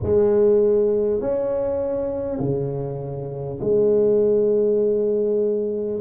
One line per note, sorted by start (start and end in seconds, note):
0.03 1.21 G#3
1.21 2.39 C#4
2.39 3.59 C#3
3.60 6.00 G#3